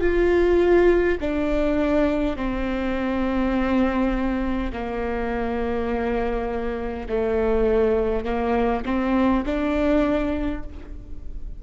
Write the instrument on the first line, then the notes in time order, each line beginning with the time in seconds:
viola
0.00 F4
1.20 D4
2.36 C4
4.72 A#3
7.09 A3
8.25 A#3
8.85 C4
9.45 D4